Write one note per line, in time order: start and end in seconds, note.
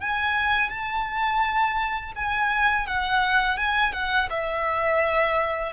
0.00 0.69 G#5
0.69 2.12 A5
2.15 2.86 G#5
2.86 3.57 F#5
3.57 3.93 G#5
3.93 4.28 F#5
4.30 5.72 E5